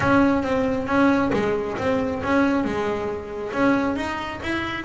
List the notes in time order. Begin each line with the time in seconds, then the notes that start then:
0.00 C#4
0.43 C4
0.87 C#4
1.33 G#3
1.78 C4
2.23 C#4
2.64 G#3
3.53 C#4
3.95 D#4
4.43 E4